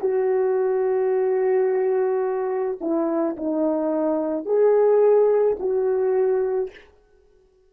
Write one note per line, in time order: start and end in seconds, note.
0.00 2.78 F#4
2.80 3.36 E4
3.36 4.45 D#4
4.45 5.56 G#4
5.59 6.70 F#4